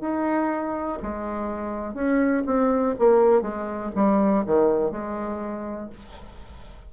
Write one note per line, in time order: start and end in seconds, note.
0.00 0.98 D#4
1.02 1.94 G#3
1.94 2.43 C#4
2.45 2.95 C4
2.98 3.41 A#3
3.41 3.90 G#3
3.95 4.44 G3
4.46 4.90 D#3
4.90 5.89 G#3